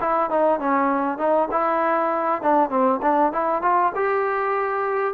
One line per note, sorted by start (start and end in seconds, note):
0.00 0.29 E4
0.29 0.59 D#4
0.59 1.18 C#4
1.18 1.48 D#4
1.51 2.42 E4
2.42 2.69 D4
2.69 3.00 C4
3.02 3.32 D4
3.32 3.62 E4
3.62 3.92 F4
3.95 5.14 G4